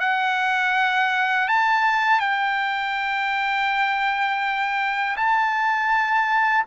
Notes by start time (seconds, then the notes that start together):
0.00 F#5
1.48 A5
2.20 G5
5.16 A5